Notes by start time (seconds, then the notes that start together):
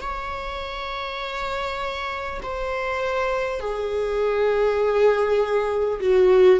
0.00 C#5
2.42 C5
3.60 G#4
6.00 F#4